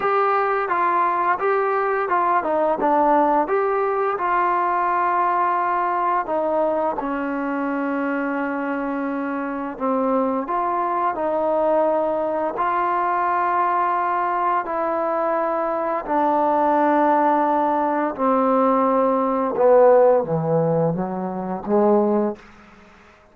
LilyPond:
\new Staff \with { instrumentName = "trombone" } { \time 4/4 \tempo 4 = 86 g'4 f'4 g'4 f'8 dis'8 | d'4 g'4 f'2~ | f'4 dis'4 cis'2~ | cis'2 c'4 f'4 |
dis'2 f'2~ | f'4 e'2 d'4~ | d'2 c'2 | b4 e4 fis4 gis4 | }